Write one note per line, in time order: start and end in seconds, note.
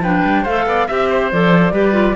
0.00 0.21 F3
0.00 0.46 D4
0.00 0.43 B4
0.00 0.45 G5
0.25 0.45 G3
0.43 0.66 A3
0.43 0.89 A4
0.43 0.64 C5
0.43 0.88 F5
0.66 0.87 B3
0.66 0.87 D5
0.87 1.32 C4
0.87 1.31 G4
0.87 1.09 E5
0.87 1.31 E5
1.10 1.73 C5
1.32 1.72 F3
1.32 1.73 A4
1.32 2.16 D5
1.72 2.15 G3
1.72 1.93 G4
1.72 2.16 B4
1.93 2.14 F4